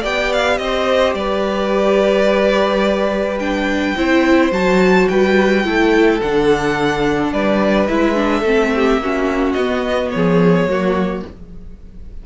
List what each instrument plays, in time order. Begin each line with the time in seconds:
0.00 cello B3, viola G4, violin D5 G5
0.33 violin F5
0.57 cello C4, violin D#5
0.63 violin C5
1.14 cello G3, violin B4 D5
3.39 viola D4, violin G5
3.96 cello C4, viola E4, violin C5
4.51 cello F#3, viola F#4, violin A5
5.08 cello G3, violin B4 G5
5.64 cello A3, viola E4, violin A4
6.21 cello D3, viola D4, violin F#5
7.32 cello G3, violin B4 D5
7.87 cello G#3, viola E4, violin E5
8.15 viola D4
8.39 cello A3, viola C4, violin A4
8.75 violin G4
8.98 cello A#3, viola C#4, violin F#4
9.52 cello B3, viola B3, violin D#5
10.11 cello F3, violin G#4 C#5
10.66 cello F#3, viola A#3, violin F#4